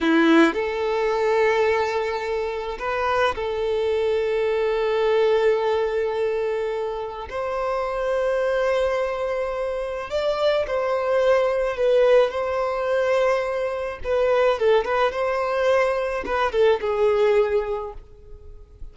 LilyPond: \new Staff \with { instrumentName = "violin" } { \time 4/4 \tempo 4 = 107 e'4 a'2.~ | a'4 b'4 a'2~ | a'1~ | a'4 c''2.~ |
c''2 d''4 c''4~ | c''4 b'4 c''2~ | c''4 b'4 a'8 b'8 c''4~ | c''4 b'8 a'8 gis'2 | }